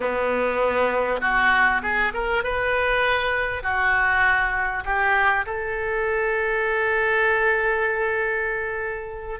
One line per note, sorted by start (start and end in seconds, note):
0.00 1.20 B3
1.20 1.81 F#4
1.82 2.12 G#4
2.13 2.43 A#4
2.43 3.62 B4
3.62 4.83 F#4
4.85 5.45 G4
5.45 9.39 A4